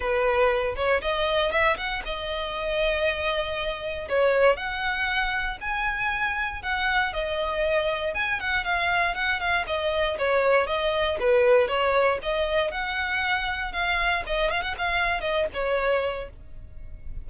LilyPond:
\new Staff \with { instrumentName = "violin" } { \time 4/4 \tempo 4 = 118 b'4. cis''8 dis''4 e''8 fis''8 | dis''1 | cis''4 fis''2 gis''4~ | gis''4 fis''4 dis''2 |
gis''8 fis''8 f''4 fis''8 f''8 dis''4 | cis''4 dis''4 b'4 cis''4 | dis''4 fis''2 f''4 | dis''8 f''16 fis''16 f''4 dis''8 cis''4. | }